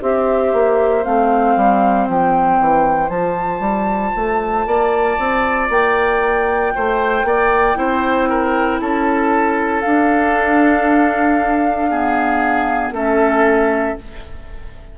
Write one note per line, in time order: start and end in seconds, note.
0.00 0.53 C4
0.00 1.03 G4
0.00 4.67 C5
0.00 1.03 E5
0.53 1.05 A#3
1.03 1.56 A3
1.03 3.10 C4
1.03 2.07 F5
1.56 2.08 G3
2.08 2.59 F3
2.08 3.09 G5
2.60 3.09 E3
3.09 3.59 F3
3.09 7.74 F4
3.09 5.68 A5
3.59 4.11 G3
4.15 4.66 A3
4.66 5.17 A#3
4.66 6.73 D5
5.18 5.69 C4
5.69 6.73 A#3
5.69 8.80 G5
6.75 7.23 A3
6.75 7.26 C5
7.23 7.75 A#3
7.23 7.78 D5
7.74 8.80 C4
7.74 9.81 E4
7.74 8.29 C5
8.29 8.80 A#4
8.80 9.84 C#4
8.80 11.90 A4
8.80 9.81 A5
9.81 11.90 D4
9.81 12.91 D4
9.81 12.91 F5
11.90 12.94 B3
11.90 12.93 G#4
12.91 13.95 A3
12.91 13.97 C#4
12.91 13.97 A4
12.91 13.98 E5